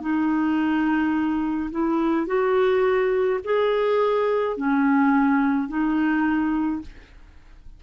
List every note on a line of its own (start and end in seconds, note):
0.00 1.70 D#4
1.71 2.26 E4
2.26 3.40 F#4
3.44 4.57 G#4
4.57 5.68 C#4
5.68 6.81 D#4